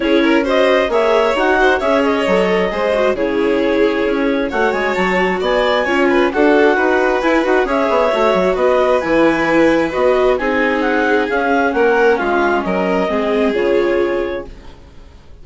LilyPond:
<<
  \new Staff \with { instrumentName = "clarinet" } { \time 4/4 \tempo 4 = 133 cis''4 dis''4 e''4 fis''4 | e''8 dis''2~ dis''8 cis''4~ | cis''2 fis''8 gis''8 a''4 | gis''2 fis''2 |
gis''8 fis''8 e''2 dis''4 | gis''2 dis''4 gis''4 | fis''4 f''4 fis''4 f''4 | dis''2 cis''2 | }
  \new Staff \with { instrumentName = "violin" } { \time 4/4 gis'8 ais'8 c''4 cis''4. c''8 | cis''2 c''4 gis'4~ | gis'2 cis''2 | d''4 cis''8 b'8 a'4 b'4~ |
b'4 cis''2 b'4~ | b'2. gis'4~ | gis'2 ais'4 f'4 | ais'4 gis'2. | }
  \new Staff \with { instrumentName = "viola" } { \time 4/4 e'4 fis'4 gis'4 fis'4 | gis'4 a'4 gis'8 fis'8 e'4~ | e'2 fis'2~ | fis'4 f'4 fis'2 |
e'8 fis'8 gis'4 fis'2 | e'2 fis'4 dis'4~ | dis'4 cis'2.~ | cis'4 c'4 f'2 | }
  \new Staff \with { instrumentName = "bassoon" } { \time 4/4 cis'2 ais4 dis'4 | cis'4 fis4 gis4 cis4~ | cis4 cis'4 a8 gis8 fis4 | b4 cis'4 d'4 dis'4 |
e'8 dis'8 cis'8 b8 a8 fis8 b4 | e2 b4 c'4~ | c'4 cis'4 ais4 gis4 | fis4 gis4 cis2 | }
>>